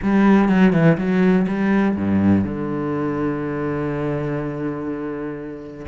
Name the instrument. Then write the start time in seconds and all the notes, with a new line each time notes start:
cello
0.02 G3
0.49 F#3
0.72 E3
0.97 F#3
1.47 G3
1.95 G2
2.44 D3